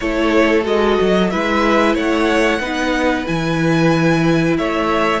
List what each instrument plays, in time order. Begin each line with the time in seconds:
0.00 cello A3, viola E4, violin A4 C#5
0.63 cello G#3, viola F#4, violin D#5
1.01 cello F#3
1.30 cello G#3, viola E4, violin B4 E5
1.94 cello A3, violin C#5 F#5
2.59 cello B3, viola D#4, violin B4
3.25 cello E3, viola E4, violin G#5
4.57 cello A3, violin C#5 E5